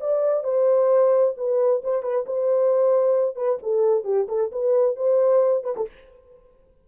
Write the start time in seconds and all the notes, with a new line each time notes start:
0.00 D5
0.44 C5
1.37 B4
1.84 C5
2.02 B4
2.26 C5
3.35 B4
3.63 A4
4.04 G4
4.28 A4
4.52 B4
4.96 C5
5.64 B4
5.76 A4